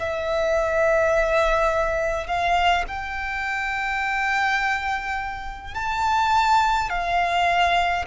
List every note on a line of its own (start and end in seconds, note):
0.00 2.27 E5
2.27 2.85 F5
2.88 5.75 G5
5.75 6.90 A5
6.90 8.05 F5